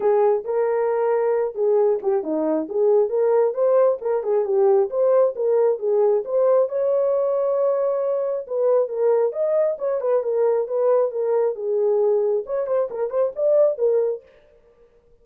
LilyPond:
\new Staff \with { instrumentName = "horn" } { \time 4/4 \tempo 4 = 135 gis'4 ais'2~ ais'8 gis'8~ | gis'8 g'8 dis'4 gis'4 ais'4 | c''4 ais'8 gis'8 g'4 c''4 | ais'4 gis'4 c''4 cis''4~ |
cis''2. b'4 | ais'4 dis''4 cis''8 b'8 ais'4 | b'4 ais'4 gis'2 | cis''8 c''8 ais'8 c''8 d''4 ais'4 | }